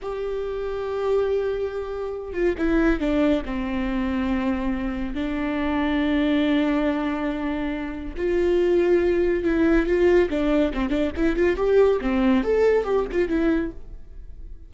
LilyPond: \new Staff \with { instrumentName = "viola" } { \time 4/4 \tempo 4 = 140 g'1~ | g'4. f'8 e'4 d'4 | c'1 | d'1~ |
d'2. f'4~ | f'2 e'4 f'4 | d'4 c'8 d'8 e'8 f'8 g'4 | c'4 a'4 g'8 f'8 e'4 | }